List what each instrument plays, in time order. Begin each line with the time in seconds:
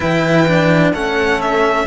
0.00 cello E3 E4, horn B4, violin G5
0.47 cello D4
0.92 cello A3 C#4, horn A4, violin F#5
1.41 violin E5